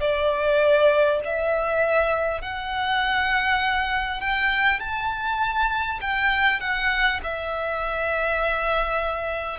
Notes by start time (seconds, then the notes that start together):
0.00 D5
1.24 E5
2.41 F#5
4.21 G5
4.79 A5
6.01 G5
6.60 F#5
7.23 E5